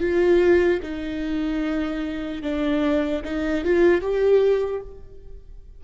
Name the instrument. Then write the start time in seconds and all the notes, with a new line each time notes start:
viola
0.00 F4
0.83 D#4
2.43 D4
3.25 D#4
3.65 F4
4.01 G4